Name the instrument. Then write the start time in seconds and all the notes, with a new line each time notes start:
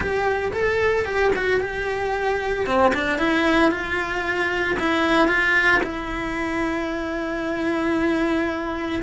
cello
0.00 G4
0.53 A4
1.05 G4
1.35 F#4
1.60 G4
2.66 C4
2.94 D4
3.18 E4
3.71 F4
4.79 E4
5.28 F4
5.83 E4